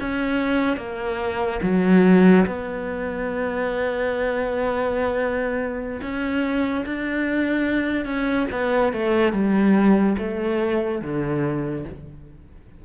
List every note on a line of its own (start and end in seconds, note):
0.00 0.77 C#4
0.77 1.61 A#3
1.63 2.46 F#3
2.47 6.01 B3
6.02 6.85 C#4
6.86 8.06 D4
8.06 8.47 C#4
8.52 8.93 B3
8.93 9.33 A3
9.33 10.16 G3
10.19 11.02 A3
11.02 11.85 D3